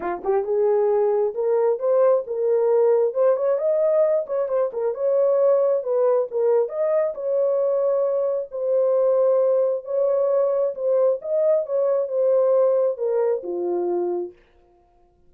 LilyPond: \new Staff \with { instrumentName = "horn" } { \time 4/4 \tempo 4 = 134 f'8 g'8 gis'2 ais'4 | c''4 ais'2 c''8 cis''8 | dis''4. cis''8 c''8 ais'8 cis''4~ | cis''4 b'4 ais'4 dis''4 |
cis''2. c''4~ | c''2 cis''2 | c''4 dis''4 cis''4 c''4~ | c''4 ais'4 f'2 | }